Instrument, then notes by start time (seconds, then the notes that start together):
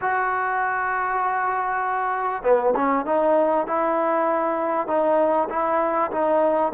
trombone
0.01 F#4
2.43 B3
2.75 C#4
3.05 D#4
3.67 E4
4.87 D#4
5.49 E4
6.11 D#4